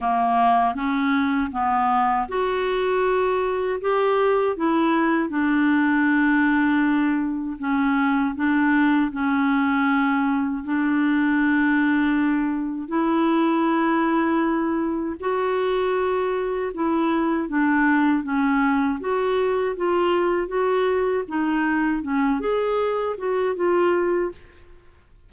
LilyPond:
\new Staff \with { instrumentName = "clarinet" } { \time 4/4 \tempo 4 = 79 ais4 cis'4 b4 fis'4~ | fis'4 g'4 e'4 d'4~ | d'2 cis'4 d'4 | cis'2 d'2~ |
d'4 e'2. | fis'2 e'4 d'4 | cis'4 fis'4 f'4 fis'4 | dis'4 cis'8 gis'4 fis'8 f'4 | }